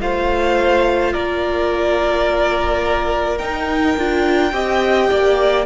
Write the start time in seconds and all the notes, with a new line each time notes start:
0.00 A3 F4 C5 F5
1.13 A#3 A#4 D5
3.38 D#4 G5
3.97 D4 F4
4.52 C4 G4 D#5
5.10 A#3 D5